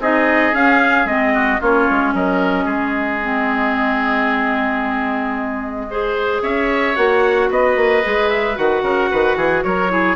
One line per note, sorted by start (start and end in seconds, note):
0.00 0.54 C4
0.00 0.54 D#4
0.00 1.34 G#4
0.00 0.55 D#5
0.54 1.07 C#4
0.54 1.05 C#4
0.54 1.08 F5
1.05 1.59 G#3
1.05 1.60 C4
1.05 1.62 D#5
1.34 1.61 F#4
1.61 1.89 A#3
1.61 3.22 C#4
1.61 2.14 F4
1.61 2.15 C#5
1.91 2.14 G#3
2.14 2.66 F#3
2.14 2.65 A#4
2.14 6.43 D#5
2.65 6.41 G#3
2.65 5.86 G#4
3.22 5.90 C4
5.91 6.96 G#4
5.91 6.43 C5
6.43 6.96 C#4
6.43 7.50 C#5
6.43 6.96 E5
6.96 7.50 A#3
6.96 8.03 F#4
6.96 7.49 F#5
7.50 7.76 B3
7.50 8.83 B4
7.50 8.30 D#5
7.76 8.03 A#3
8.03 8.58 G#3
8.03 8.56 G#4
8.30 8.57 E5
8.56 8.83 D#3
8.56 9.90 F#4
8.56 9.64 F#5
8.83 9.10 C#3
8.83 9.10 A#4
9.11 9.36 D#3
9.11 9.38 B4
9.36 9.63 E3
9.36 9.64 G#4
9.64 10.16 F#3
9.64 9.92 A#4
9.64 10.16 C#5
9.90 10.16 E4
9.90 10.16 G#4